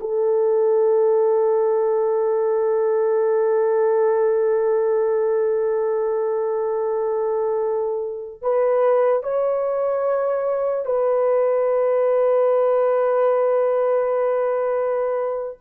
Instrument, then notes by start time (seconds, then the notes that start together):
horn
0.00 A4
8.41 B4
9.23 C#5
10.85 B4